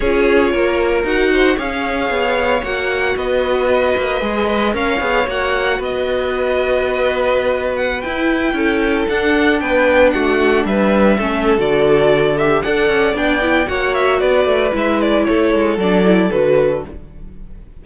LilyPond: <<
  \new Staff \with { instrumentName = "violin" } { \time 4/4 \tempo 4 = 114 cis''2 fis''4 f''4~ | f''4 fis''4 dis''2~ | dis''4 f''4 fis''4 dis''4~ | dis''2~ dis''8. fis''8 g''8.~ |
g''4~ g''16 fis''4 g''4 fis''8.~ | fis''16 e''4.~ e''16 d''4. e''8 | fis''4 g''4 fis''8 e''8 d''4 | e''8 d''8 cis''4 d''4 b'4 | }
  \new Staff \with { instrumentName = "violin" } { \time 4/4 gis'4 ais'4. c''8 cis''4~ | cis''2 b'2~ | b'8 dis''8 cis''2 b'4~ | b'1~ |
b'16 a'2 b'4 fis'8.~ | fis'16 b'4 a'2~ a'8. | d''2 cis''4 b'4~ | b'4 a'2. | }
  \new Staff \with { instrumentName = "viola" } { \time 4/4 f'2 fis'4 gis'4~ | gis'4 fis'2. | gis'8 b'8 ais'8 gis'8 fis'2~ | fis'2.~ fis'16 e'8.~ |
e'4~ e'16 d'2~ d'8.~ | d'4~ d'16 cis'8. fis'4. g'8 | a'4 d'8 e'8 fis'2 | e'2 d'8 e'8 fis'4 | }
  \new Staff \with { instrumentName = "cello" } { \time 4/4 cis'4 ais4 dis'4 cis'4 | b4 ais4 b4. ais8 | gis4 cis'8 b8 ais4 b4~ | b2.~ b16 e'8.~ |
e'16 cis'4 d'4 b4 a8.~ | a16 g4 a8. d2 | d'8 cis'8 b4 ais4 b8 a8 | gis4 a8 gis8 fis4 d4 | }
>>